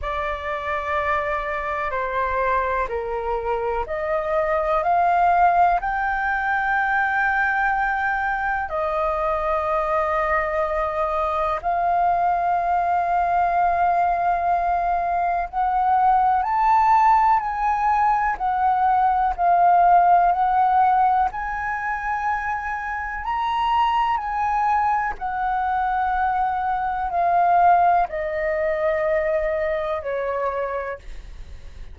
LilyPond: \new Staff \with { instrumentName = "flute" } { \time 4/4 \tempo 4 = 62 d''2 c''4 ais'4 | dis''4 f''4 g''2~ | g''4 dis''2. | f''1 |
fis''4 a''4 gis''4 fis''4 | f''4 fis''4 gis''2 | ais''4 gis''4 fis''2 | f''4 dis''2 cis''4 | }